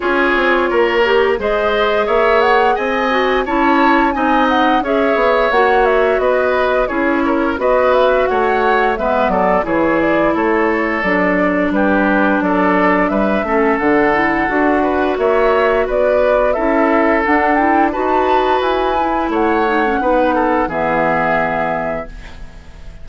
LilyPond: <<
  \new Staff \with { instrumentName = "flute" } { \time 4/4 \tempo 4 = 87 cis''2 dis''4 e''8 fis''8 | gis''4 a''4 gis''8 fis''8 e''4 | fis''8 e''8 dis''4 cis''4 dis''8 e''8 | fis''4 e''8 d''8 cis''8 d''8 cis''4 |
d''4 b'4 d''4 e''4 | fis''2 e''4 d''4 | e''4 fis''8 g''8 a''4 gis''4 | fis''2 e''2 | }
  \new Staff \with { instrumentName = "oboe" } { \time 4/4 gis'4 ais'4 c''4 cis''4 | dis''4 cis''4 dis''4 cis''4~ | cis''4 b'4 gis'8 ais'8 b'4 | cis''4 b'8 a'8 gis'4 a'4~ |
a'4 g'4 a'4 b'8 a'8~ | a'4. b'8 cis''4 b'4 | a'2 b'2 | cis''4 b'8 a'8 gis'2 | }
  \new Staff \with { instrumentName = "clarinet" } { \time 4/4 f'4. g'8 gis'2~ | gis'8 fis'8 e'4 dis'4 gis'4 | fis'2 e'4 fis'4~ | fis'4 b4 e'2 |
d'2.~ d'8 cis'8 | d'8 e'8 fis'2. | e'4 d'8 e'8 fis'4. e'8~ | e'8 dis'16 cis'16 dis'4 b2 | }
  \new Staff \with { instrumentName = "bassoon" } { \time 4/4 cis'8 c'8 ais4 gis4 ais4 | c'4 cis'4 c'4 cis'8 b8 | ais4 b4 cis'4 b4 | a4 gis8 fis8 e4 a4 |
fis4 g4 fis4 g8 a8 | d4 d'4 ais4 b4 | cis'4 d'4 dis'4 e'4 | a4 b4 e2 | }
>>